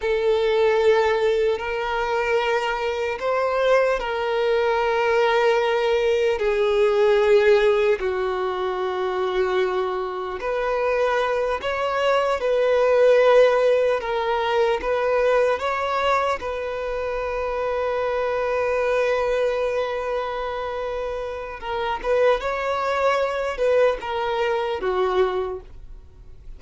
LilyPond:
\new Staff \with { instrumentName = "violin" } { \time 4/4 \tempo 4 = 75 a'2 ais'2 | c''4 ais'2. | gis'2 fis'2~ | fis'4 b'4. cis''4 b'8~ |
b'4. ais'4 b'4 cis''8~ | cis''8 b'2.~ b'8~ | b'2. ais'8 b'8 | cis''4. b'8 ais'4 fis'4 | }